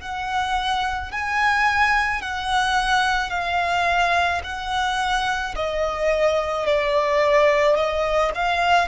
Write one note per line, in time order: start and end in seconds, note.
0.00 1.11 F#5
1.12 2.21 G#5
2.21 3.30 F#5
3.30 4.41 F5
4.43 5.55 F#5
5.56 6.66 D#5
6.66 7.76 D5
7.76 8.31 D#5
8.35 8.88 F5